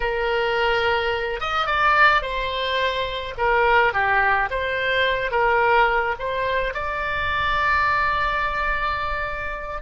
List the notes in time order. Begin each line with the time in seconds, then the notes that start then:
0.00 A#4
1.40 D#5
1.66 D5
2.22 C5
3.37 A#4
3.93 G4
4.50 C5
5.31 A#4
6.19 C5
6.74 D5